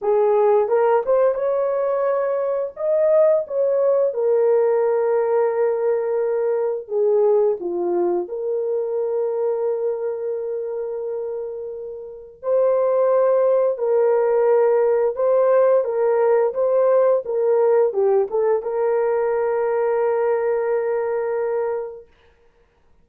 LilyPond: \new Staff \with { instrumentName = "horn" } { \time 4/4 \tempo 4 = 87 gis'4 ais'8 c''8 cis''2 | dis''4 cis''4 ais'2~ | ais'2 gis'4 f'4 | ais'1~ |
ais'2 c''2 | ais'2 c''4 ais'4 | c''4 ais'4 g'8 a'8 ais'4~ | ais'1 | }